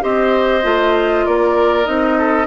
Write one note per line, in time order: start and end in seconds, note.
0.00 0.64 C4
0.00 0.61 G4
0.00 1.25 C5
0.00 1.25 D#5
0.62 1.25 A3
0.62 1.84 F4
1.25 1.87 A#3
1.25 2.17 A#4
1.25 1.85 D5
1.84 2.46 C4
1.84 2.45 D#4
1.84 2.46 D#5
2.18 2.46 A4